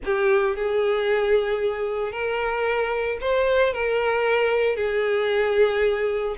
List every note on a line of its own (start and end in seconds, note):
0.04 0.56 G4
0.56 2.12 G#4
2.12 3.18 A#4
3.21 3.73 C5
3.73 4.76 A#4
4.76 6.35 G#4